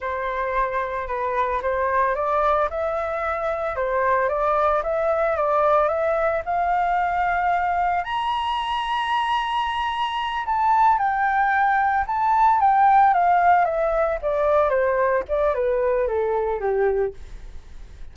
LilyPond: \new Staff \with { instrumentName = "flute" } { \time 4/4 \tempo 4 = 112 c''2 b'4 c''4 | d''4 e''2 c''4 | d''4 e''4 d''4 e''4 | f''2. ais''4~ |
ais''2.~ ais''8 a''8~ | a''8 g''2 a''4 g''8~ | g''8 f''4 e''4 d''4 c''8~ | c''8 d''8 b'4 a'4 g'4 | }